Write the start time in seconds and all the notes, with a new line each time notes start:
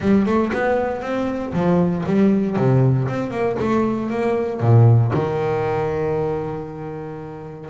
0.00 G3
0.25 A3
0.53 B3
1.01 C4
1.53 F3
2.05 G3
2.56 C3
3.08 C4
3.30 A#3
3.59 A3
4.10 A#3
4.60 A#2
5.13 D#3